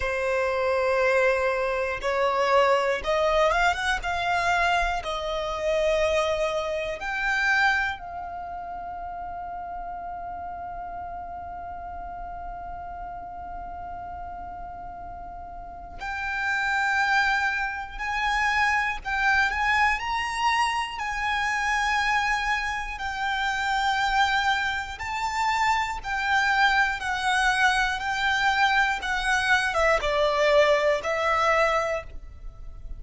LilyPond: \new Staff \with { instrumentName = "violin" } { \time 4/4 \tempo 4 = 60 c''2 cis''4 dis''8 f''16 fis''16 | f''4 dis''2 g''4 | f''1~ | f''1 |
g''2 gis''4 g''8 gis''8 | ais''4 gis''2 g''4~ | g''4 a''4 g''4 fis''4 | g''4 fis''8. e''16 d''4 e''4 | }